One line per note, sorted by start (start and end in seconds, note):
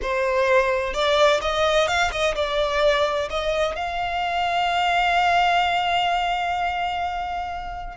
0.02 0.93 C5
0.93 1.40 D5
1.41 1.87 D#5
1.87 2.11 F5
2.11 2.35 D#5
2.35 3.28 D5
3.30 3.75 D#5
3.75 7.96 F5